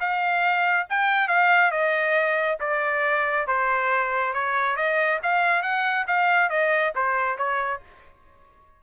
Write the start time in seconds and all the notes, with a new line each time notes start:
0.00 F5
0.90 G5
1.28 F5
1.71 D#5
2.60 D5
3.47 C5
4.34 C#5
4.76 D#5
5.23 F5
5.62 F#5
6.07 F5
6.49 D#5
6.95 C5
7.37 C#5